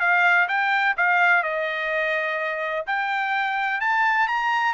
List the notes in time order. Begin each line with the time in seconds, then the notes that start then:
0.00 F5
0.48 G5
0.97 F5
1.43 D#5
2.87 G5
3.81 A5
4.28 A#5